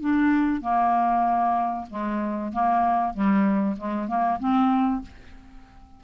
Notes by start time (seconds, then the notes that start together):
0.00 D4
0.61 A#3
1.89 G#3
2.52 A#3
3.14 G3
3.77 G#3
4.07 A#3
4.39 C4